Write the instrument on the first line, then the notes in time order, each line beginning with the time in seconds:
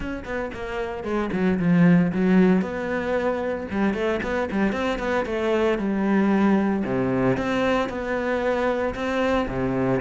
cello
0.00 C#4
0.24 B3
0.53 A#3
1.03 G#3
1.32 F#3
1.59 F3
2.12 F#3
2.61 B3
3.70 G3
3.94 A3
4.22 B3
4.51 G3
4.72 C4
4.99 B3
5.25 A3
5.78 G3
6.84 C3
7.37 C4
7.89 B3
8.94 C4
9.48 C3